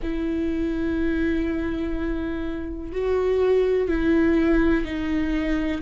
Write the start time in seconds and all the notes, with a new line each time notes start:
0.02 E4
2.92 F#4
3.88 E4
4.84 D#4